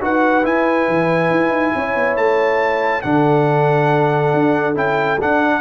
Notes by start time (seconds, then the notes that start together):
0.00 D#4 F#4 B4 F#5
0.43 E4 G#5
0.88 E3
1.30 E4
1.49 D#4
1.75 C#4 C#5
1.95 B3
2.16 A3 A5
3.02 D3 D4 A4 F#5
4.33 D4
4.75 C#4 E4 G5
5.20 D4 F#5